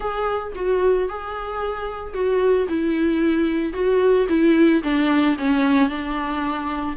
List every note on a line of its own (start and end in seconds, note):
0.00 0.53 G#4
0.55 1.08 F#4
1.08 2.13 G#4
2.13 2.67 F#4
2.68 3.73 E4
3.73 4.26 F#4
4.28 4.82 E4
4.83 5.36 D4
5.38 5.89 C#4
5.89 6.96 D4